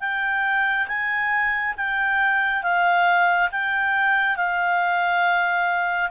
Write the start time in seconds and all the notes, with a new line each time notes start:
0.00 G5
0.87 G#5
1.77 G5
2.63 F5
3.51 G5
4.36 F5